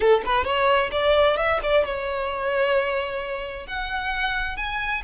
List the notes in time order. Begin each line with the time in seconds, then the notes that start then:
0.00 A4
0.25 B4
0.44 C#5
0.91 D5
1.37 E5
1.63 D5
1.85 C#5
3.66 F#5
4.56 G#5